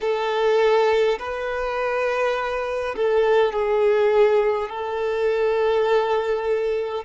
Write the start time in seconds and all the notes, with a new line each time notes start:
0.00 A4
1.18 B4
2.96 A4
3.52 G#4
4.69 A4